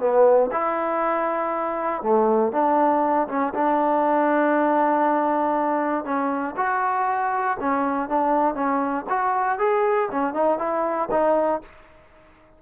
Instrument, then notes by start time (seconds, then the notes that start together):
trombone
0.00 B3
0.52 E4
2.03 A3
2.53 D4
3.29 C#4
3.55 D4
6.05 C#4
6.57 F#4
7.60 C#4
8.09 D4
8.55 C#4
9.10 F#4
9.59 G#4
10.12 C#4
10.34 D#4
10.59 E4
11.12 D#4